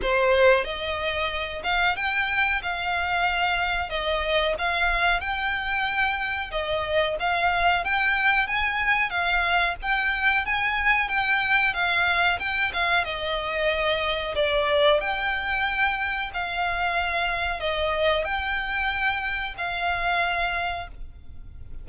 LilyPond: \new Staff \with { instrumentName = "violin" } { \time 4/4 \tempo 4 = 92 c''4 dis''4. f''8 g''4 | f''2 dis''4 f''4 | g''2 dis''4 f''4 | g''4 gis''4 f''4 g''4 |
gis''4 g''4 f''4 g''8 f''8 | dis''2 d''4 g''4~ | g''4 f''2 dis''4 | g''2 f''2 | }